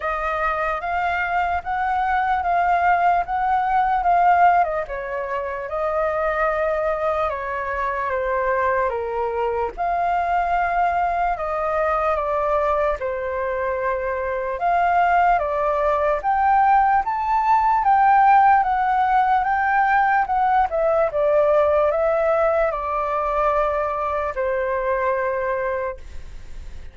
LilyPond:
\new Staff \with { instrumentName = "flute" } { \time 4/4 \tempo 4 = 74 dis''4 f''4 fis''4 f''4 | fis''4 f''8. dis''16 cis''4 dis''4~ | dis''4 cis''4 c''4 ais'4 | f''2 dis''4 d''4 |
c''2 f''4 d''4 | g''4 a''4 g''4 fis''4 | g''4 fis''8 e''8 d''4 e''4 | d''2 c''2 | }